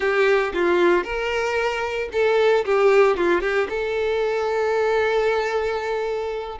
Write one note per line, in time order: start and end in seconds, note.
0.00 0.52 G4
0.53 1.04 F4
1.04 2.09 A#4
2.12 2.65 A4
2.65 3.17 G4
3.17 3.41 F4
3.41 3.67 G4
3.69 6.58 A4